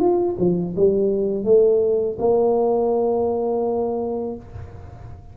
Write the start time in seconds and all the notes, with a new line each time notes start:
0.00 F4
0.39 F3
0.77 G3
1.45 A3
2.19 A#3